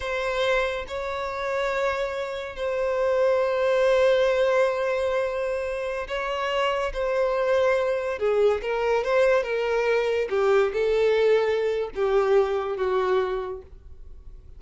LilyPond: \new Staff \with { instrumentName = "violin" } { \time 4/4 \tempo 4 = 141 c''2 cis''2~ | cis''2 c''2~ | c''1~ | c''2~ c''16 cis''4.~ cis''16~ |
cis''16 c''2. gis'8.~ | gis'16 ais'4 c''4 ais'4.~ ais'16~ | ais'16 g'4 a'2~ a'8. | g'2 fis'2 | }